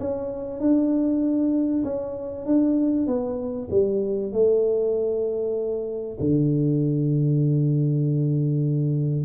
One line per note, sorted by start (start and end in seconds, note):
0.00 0.60 C#4
0.60 1.84 D4
1.84 2.46 C#4
2.46 3.07 D4
3.07 3.69 B3
3.71 4.32 G3
4.33 6.18 A3
6.20 9.25 D3